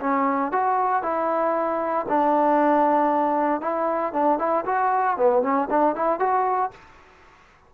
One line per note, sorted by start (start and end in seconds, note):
0.00 0.52 C#4
0.52 1.02 F#4
1.02 2.06 E4
2.08 3.61 D4
3.61 4.13 E4
4.13 4.38 D4
4.38 4.64 E4
4.65 5.17 F#4
5.17 5.42 B3
5.42 5.68 C#4
5.70 5.95 D4
5.95 6.19 E4
6.19 6.71 F#4